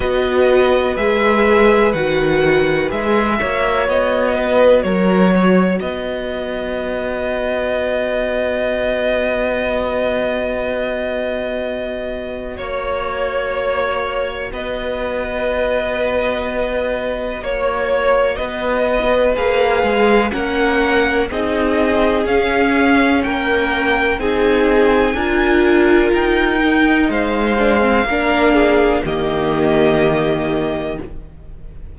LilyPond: <<
  \new Staff \with { instrumentName = "violin" } { \time 4/4 \tempo 4 = 62 dis''4 e''4 fis''4 e''4 | dis''4 cis''4 dis''2~ | dis''1~ | dis''4 cis''2 dis''4~ |
dis''2 cis''4 dis''4 | f''4 fis''4 dis''4 f''4 | g''4 gis''2 g''4 | f''2 dis''2 | }
  \new Staff \with { instrumentName = "violin" } { \time 4/4 b'2.~ b'8 cis''8~ | cis''8 b'8 ais'8 cis''8 b'2~ | b'1~ | b'4 cis''2 b'4~ |
b'2 cis''4 b'4~ | b'4 ais'4 gis'2 | ais'4 gis'4 ais'2 | c''4 ais'8 gis'8 g'2 | }
  \new Staff \with { instrumentName = "viola" } { \time 4/4 fis'4 gis'4 fis'4 gis'8 fis'8~ | fis'1~ | fis'1~ | fis'1~ |
fis'1 | gis'4 cis'4 dis'4 cis'4~ | cis'4 dis'4 f'4. dis'8~ | dis'8 d'16 c'16 d'4 ais2 | }
  \new Staff \with { instrumentName = "cello" } { \time 4/4 b4 gis4 dis4 gis8 ais8 | b4 fis4 b2~ | b1~ | b4 ais2 b4~ |
b2 ais4 b4 | ais8 gis8 ais4 c'4 cis'4 | ais4 c'4 d'4 dis'4 | gis4 ais4 dis2 | }
>>